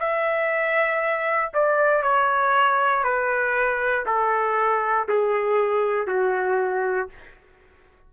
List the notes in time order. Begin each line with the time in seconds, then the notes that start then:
0.00 E5
1.54 D5
2.03 C#5
3.04 B4
4.06 A4
5.08 G#4
6.07 F#4